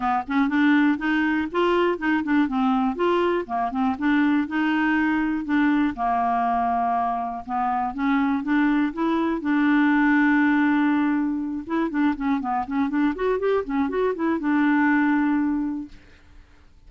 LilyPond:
\new Staff \with { instrumentName = "clarinet" } { \time 4/4 \tempo 4 = 121 b8 cis'8 d'4 dis'4 f'4 | dis'8 d'8 c'4 f'4 ais8 c'8 | d'4 dis'2 d'4 | ais2. b4 |
cis'4 d'4 e'4 d'4~ | d'2.~ d'8 e'8 | d'8 cis'8 b8 cis'8 d'8 fis'8 g'8 cis'8 | fis'8 e'8 d'2. | }